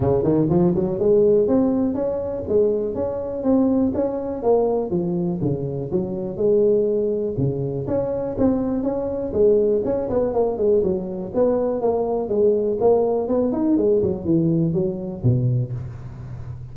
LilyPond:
\new Staff \with { instrumentName = "tuba" } { \time 4/4 \tempo 4 = 122 cis8 dis8 f8 fis8 gis4 c'4 | cis'4 gis4 cis'4 c'4 | cis'4 ais4 f4 cis4 | fis4 gis2 cis4 |
cis'4 c'4 cis'4 gis4 | cis'8 b8 ais8 gis8 fis4 b4 | ais4 gis4 ais4 b8 dis'8 | gis8 fis8 e4 fis4 b,4 | }